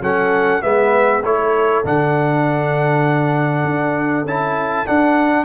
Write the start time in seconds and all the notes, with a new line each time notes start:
0.00 F#3 C#4 A4 F#5
0.62 G#3 B3 B4 E5
1.22 A3 E4 A4 C#5
1.84 D3 D4 F#5
3.64 D4
4.24 C#4 E4 A5
4.86 D4 F#5